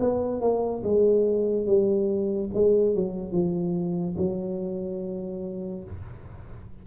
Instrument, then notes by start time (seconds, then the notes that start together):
tuba
0.00 B3
0.41 A#3
0.83 G#3
1.66 G3
2.54 G#3
2.95 F#3
3.32 F3
4.17 F#3